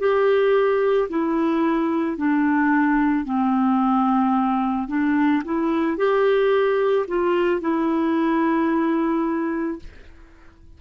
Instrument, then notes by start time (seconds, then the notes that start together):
clarinet
0.00 G4
1.10 E4
2.18 D4
3.25 C4
4.88 D4
5.45 E4
5.98 G4
7.08 F4
7.62 E4